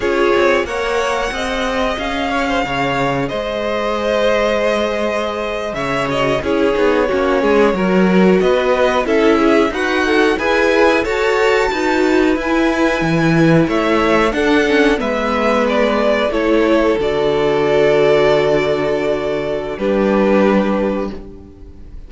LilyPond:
<<
  \new Staff \with { instrumentName = "violin" } { \time 4/4 \tempo 4 = 91 cis''4 fis''2 f''4~ | f''4 dis''2.~ | dis''8. e''8 dis''8 cis''2~ cis''16~ | cis''8. dis''4 e''4 fis''4 gis''16~ |
gis''8. a''2 gis''4~ gis''16~ | gis''8. e''4 fis''4 e''4 d''16~ | d''8. cis''4 d''2~ d''16~ | d''2 b'2 | }
  \new Staff \with { instrumentName = "violin" } { \time 4/4 gis'4 cis''4 dis''4. cis''16 c''16 | cis''4 c''2.~ | c''8. cis''4 gis'4 fis'8 gis'8 ais'16~ | ais'8. b'4 a'8 gis'8 fis'4 b'16~ |
b'8. cis''4 b'2~ b'16~ | b'8. cis''4 a'4 b'4~ b'16~ | b'8. a'2.~ a'16~ | a'2 g'2 | }
  \new Staff \with { instrumentName = "viola" } { \time 4/4 f'4 ais'4 gis'2~ | gis'1~ | gis'4~ gis'16 fis'8 e'8 dis'8 cis'4 fis'16~ | fis'4.~ fis'16 e'4 b'8 a'8 gis'16~ |
gis'8. a'4 fis'4 e'4~ e'16~ | e'4.~ e'16 d'8 cis'8 b4~ b16~ | b8. e'4 fis'2~ fis'16~ | fis'2 d'2 | }
  \new Staff \with { instrumentName = "cello" } { \time 4/4 cis'8 c'8 ais4 c'4 cis'4 | cis4 gis2.~ | gis8. cis4 cis'8 b8 ais8 gis8 fis16~ | fis8. b4 cis'4 dis'4 e'16~ |
e'8. fis'4 dis'4 e'4 e16~ | e8. a4 d'4 gis4~ gis16~ | gis8. a4 d2~ d16~ | d2 g2 | }
>>